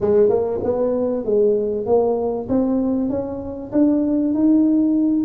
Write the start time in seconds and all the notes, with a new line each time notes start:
0.00 G#3
0.29 A#3
0.63 B3
1.25 G#3
1.86 A#3
2.49 C4
3.09 C#4
3.72 D4
4.34 D#4